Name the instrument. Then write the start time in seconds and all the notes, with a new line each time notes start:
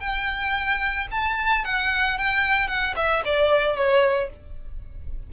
violin
0.00 G5
1.11 A5
1.65 F#5
2.18 G5
2.68 F#5
2.96 E5
3.25 D5
3.76 C#5